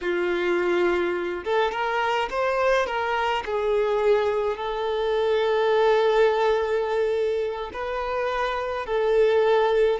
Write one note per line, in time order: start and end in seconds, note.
0.01 1.44 F4
1.44 1.71 A4
1.71 2.28 A#4
2.29 2.86 C5
2.86 3.43 A#4
3.45 4.56 G#4
4.56 7.71 A4
7.73 8.85 B4
8.85 10.00 A4